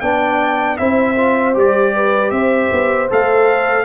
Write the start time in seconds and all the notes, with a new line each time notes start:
0.00 B3 D4 D5 G5
0.77 C4 E4 C5 E5
1.16 F4
1.54 G3 G4 D5
1.94 B4
2.30 C4 C5 E5
2.71 B3
3.10 A3 A4 F5